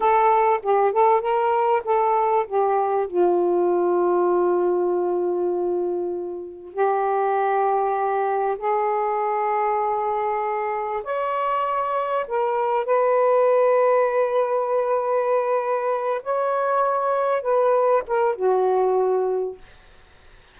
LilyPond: \new Staff \with { instrumentName = "saxophone" } { \time 4/4 \tempo 4 = 98 a'4 g'8 a'8 ais'4 a'4 | g'4 f'2.~ | f'2. g'4~ | g'2 gis'2~ |
gis'2 cis''2 | ais'4 b'2.~ | b'2~ b'8 cis''4.~ | cis''8 b'4 ais'8 fis'2 | }